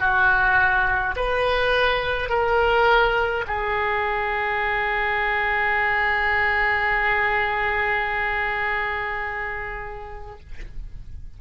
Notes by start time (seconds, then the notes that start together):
0.00 F#4
1.16 B4
2.30 A#4
3.48 G#4